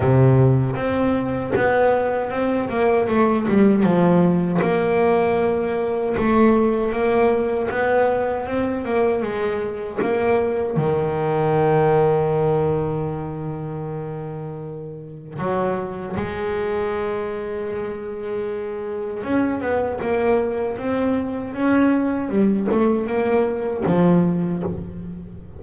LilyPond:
\new Staff \with { instrumentName = "double bass" } { \time 4/4 \tempo 4 = 78 c4 c'4 b4 c'8 ais8 | a8 g8 f4 ais2 | a4 ais4 b4 c'8 ais8 | gis4 ais4 dis2~ |
dis1 | fis4 gis2.~ | gis4 cis'8 b8 ais4 c'4 | cis'4 g8 a8 ais4 f4 | }